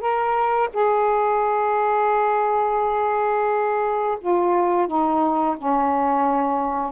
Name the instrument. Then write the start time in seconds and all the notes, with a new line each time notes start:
saxophone
0.00 A#4
0.73 G#4
4.21 F4
4.87 D#4
5.58 C#4